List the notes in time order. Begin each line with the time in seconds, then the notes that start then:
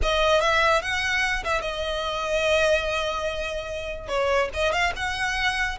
0.02 D#5
0.41 E5
0.82 F#5
1.44 E5
1.61 D#5
4.08 C#5
4.53 D#5
4.72 F5
4.96 F#5